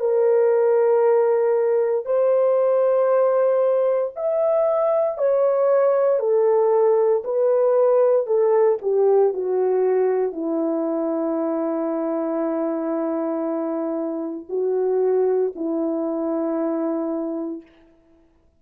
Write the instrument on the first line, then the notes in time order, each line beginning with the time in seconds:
horn
0.00 A#4
2.05 C5
4.16 E5
5.18 C#5
6.20 A4
7.25 B4
8.27 A4
8.82 G4
9.34 F#4
10.33 E4
14.50 F#4
15.55 E4